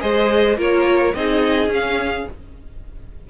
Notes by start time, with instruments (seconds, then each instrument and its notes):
0.00 cello G#3, viola G#4, violin C5 D#5
0.57 cello A#3, viola F4, violin A#4 C#5
1.15 cello C4, viola D#4, violin G#4 D#5
1.68 cello C#4, viola C#4, violin F5